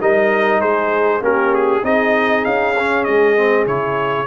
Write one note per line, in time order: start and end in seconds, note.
0.00 0.60 G3
0.00 1.22 D#4
0.00 0.60 A#4
0.00 0.61 D#5
0.60 1.20 G#3
0.60 1.21 G#4
0.60 1.22 C5
1.20 1.82 A#3
1.20 1.83 C#4
1.20 1.82 G4
1.20 1.54 A#4
1.54 1.84 G#4
1.82 2.44 C4
1.82 2.74 D#4
1.82 4.26 G#4
1.82 2.44 D#5
2.44 3.06 C#4
2.44 3.04 F5
2.78 3.36 C#4
3.04 3.66 G#3
3.04 3.65 D#5
3.36 3.67 C4
3.66 4.26 C#3
3.66 4.26 E4
3.66 4.26 C#5